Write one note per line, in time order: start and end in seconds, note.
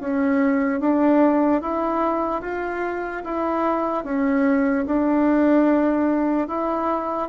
0.00 0.80 C#4
0.80 1.61 D4
1.61 2.41 E4
2.41 3.22 F4
3.24 4.04 E4
4.04 4.85 C#4
4.86 6.48 D4
6.48 7.28 E4